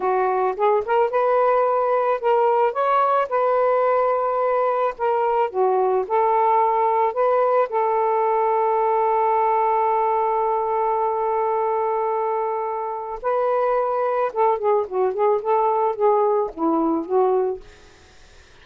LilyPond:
\new Staff \with { instrumentName = "saxophone" } { \time 4/4 \tempo 4 = 109 fis'4 gis'8 ais'8 b'2 | ais'4 cis''4 b'2~ | b'4 ais'4 fis'4 a'4~ | a'4 b'4 a'2~ |
a'1~ | a'1 | b'2 a'8 gis'8 fis'8 gis'8 | a'4 gis'4 e'4 fis'4 | }